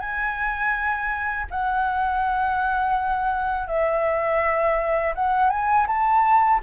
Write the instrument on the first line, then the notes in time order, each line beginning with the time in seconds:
flute
0.00 G#5
1.50 F#5
3.68 E5
5.15 F#5
5.50 G#5
5.87 A5